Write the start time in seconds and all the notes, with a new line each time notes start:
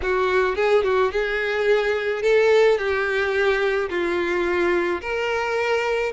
0.02 F#4
0.55 G#4
0.83 F#4
1.11 G#4
2.22 A4
2.78 G4
3.89 F4
5.01 A#4